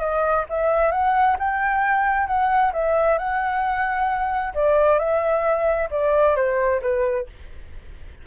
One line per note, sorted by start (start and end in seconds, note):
0.00 0.45 D#5
0.50 0.91 E5
0.91 1.37 F#5
1.39 2.27 G5
2.27 2.72 F#5
2.73 3.18 E5
3.18 4.54 F#5
4.54 4.99 D5
4.99 5.89 E5
5.91 6.36 D5
6.36 6.81 C5
6.82 7.27 B4